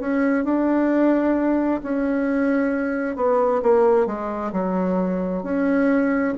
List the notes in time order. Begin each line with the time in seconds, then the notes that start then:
0.00 C#4
0.44 D4
1.83 C#4
3.16 B3
3.62 A#3
4.06 G#3
4.52 F#3
5.43 C#4